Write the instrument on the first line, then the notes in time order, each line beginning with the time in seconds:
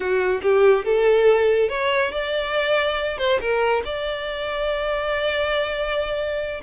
violin
0.00 F#4
0.42 G4
0.84 A4
1.68 C#5
2.11 D5
3.18 C5
3.40 A#4
3.84 D5